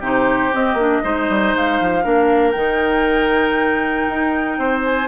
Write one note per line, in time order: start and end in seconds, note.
0.00 0.51 C3
0.00 0.53 D#4
0.00 1.02 G4
0.00 0.55 C5
0.53 0.78 C4
0.53 0.74 C4
0.53 1.56 D#5
0.74 1.00 A#3
0.74 1.03 D4
1.03 1.29 G#3
1.03 2.03 D#4
1.03 2.04 C5
1.29 1.55 G3
1.55 1.80 G#3
1.55 2.51 F5
1.81 2.06 F3
2.03 2.56 A#3
2.03 2.54 D4
2.03 4.59 A#4
2.51 4.08 D#3
2.51 5.08 D#4
2.51 4.80 G5
4.09 4.58 D#4
4.58 5.08 C4
4.58 5.08 C5
4.85 5.08 G#5